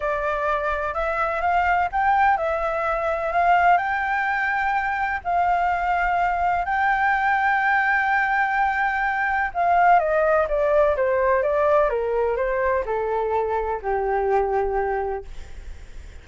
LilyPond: \new Staff \with { instrumentName = "flute" } { \time 4/4 \tempo 4 = 126 d''2 e''4 f''4 | g''4 e''2 f''4 | g''2. f''4~ | f''2 g''2~ |
g''1 | f''4 dis''4 d''4 c''4 | d''4 ais'4 c''4 a'4~ | a'4 g'2. | }